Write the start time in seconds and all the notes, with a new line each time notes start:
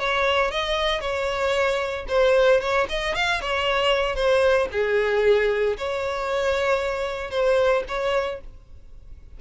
0.00 C#5
0.51 D#5
1.01 C#5
2.09 C5
2.61 C#5
2.89 D#5
3.15 F5
3.41 C#5
4.16 C5
4.72 G#4
5.78 C#5
7.31 C5
7.89 C#5